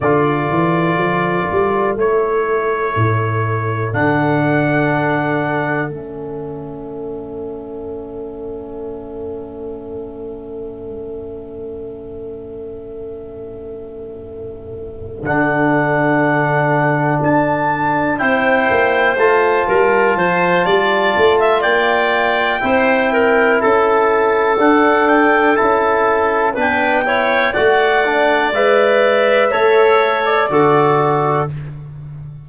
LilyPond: <<
  \new Staff \with { instrumentName = "trumpet" } { \time 4/4 \tempo 4 = 61 d''2 cis''2 | fis''2 e''2~ | e''1~ | e''2.~ e''8 fis''8~ |
fis''4. a''4 g''4 a''8~ | a''2 g''2 | a''4 fis''8 g''8 a''4 g''4 | fis''4 e''4.~ e''16 d''4~ d''16 | }
  \new Staff \with { instrumentName = "clarinet" } { \time 4/4 a'1~ | a'1~ | a'1~ | a'1~ |
a'2~ a'8 c''4. | ais'8 c''8 d''8. e''16 d''4 c''8 ais'8 | a'2. b'8 cis''8 | d''2 cis''4 a'4 | }
  \new Staff \with { instrumentName = "trombone" } { \time 4/4 f'2 e'2 | d'2 cis'2~ | cis'1~ | cis'2.~ cis'8 d'8~ |
d'2~ d'8 e'4 f'8~ | f'2. e'4~ | e'4 d'4 e'4 d'8 e'8 | fis'8 d'8 b'4 a'4 fis'4 | }
  \new Staff \with { instrumentName = "tuba" } { \time 4/4 d8 e8 f8 g8 a4 a,4 | d2 a2~ | a1~ | a2.~ a8 d8~ |
d4. d'4 c'8 ais8 a8 | g8 f8 g8 a8 ais4 c'4 | cis'4 d'4 cis'4 b4 | a4 gis4 a4 d4 | }
>>